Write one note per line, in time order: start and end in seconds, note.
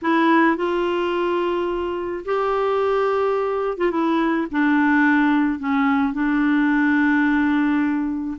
0.02 0.56 E4
0.56 2.24 F4
2.25 3.77 G4
3.77 3.91 F4
3.91 4.47 E4
4.51 5.59 D4
5.59 6.13 C#4
6.13 8.37 D4